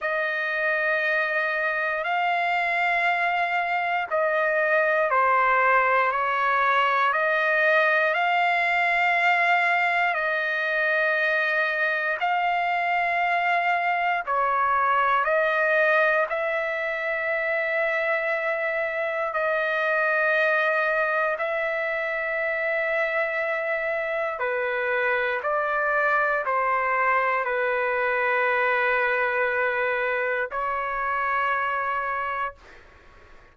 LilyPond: \new Staff \with { instrumentName = "trumpet" } { \time 4/4 \tempo 4 = 59 dis''2 f''2 | dis''4 c''4 cis''4 dis''4 | f''2 dis''2 | f''2 cis''4 dis''4 |
e''2. dis''4~ | dis''4 e''2. | b'4 d''4 c''4 b'4~ | b'2 cis''2 | }